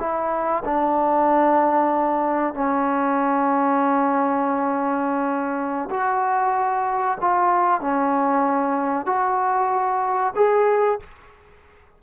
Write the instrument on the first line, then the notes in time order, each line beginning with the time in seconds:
trombone
0.00 E4
0.65 D4
2.54 C#4
5.91 F#4
7.21 F4
7.81 C#4
9.06 F#4
10.36 G#4